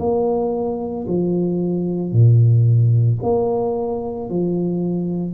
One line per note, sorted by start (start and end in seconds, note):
0.00 1.07 A#3
1.08 2.12 F3
2.12 3.19 A#2
3.23 4.30 A#3
4.30 5.35 F3